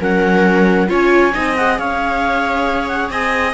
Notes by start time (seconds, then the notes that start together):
0.00 F#3 C#4 A#4 F#5
0.88 C#4 F4 C#5 G#5
1.33 C4 D#4 D#5
1.57 G#4 F#5
1.79 C#4 C#5 F5
2.88 F#5
3.10 C4 D#5 G#5